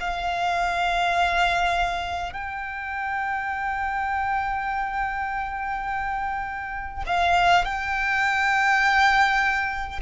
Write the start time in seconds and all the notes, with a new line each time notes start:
0.00 F5
2.33 G5
7.06 F5
7.65 G5